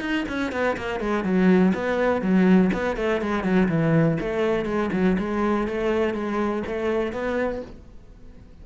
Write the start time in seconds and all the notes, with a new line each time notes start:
0.00 D#4
0.28 C#4
0.52 B3
0.77 A#3
1.00 G#3
1.23 F#3
1.74 B3
2.21 F#3
2.73 B3
2.96 A3
3.21 G#3
3.43 F#3
3.68 E3
4.20 A3
4.65 G#3
4.92 F#3
5.18 G#3
5.67 A3
6.14 G#3
6.67 A3
7.12 B3